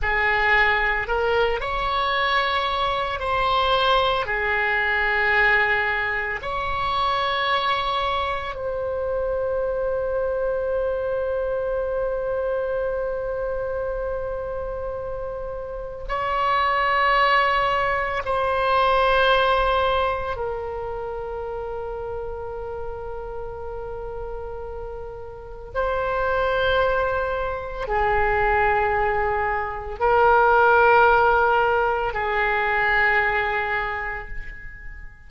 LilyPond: \new Staff \with { instrumentName = "oboe" } { \time 4/4 \tempo 4 = 56 gis'4 ais'8 cis''4. c''4 | gis'2 cis''2 | c''1~ | c''2. cis''4~ |
cis''4 c''2 ais'4~ | ais'1 | c''2 gis'2 | ais'2 gis'2 | }